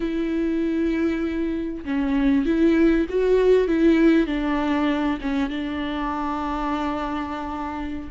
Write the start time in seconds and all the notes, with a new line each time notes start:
0.00 E4
1.85 C#4
2.45 E4
3.09 F#4
3.67 E4
4.26 D4
5.21 C#4
5.49 D4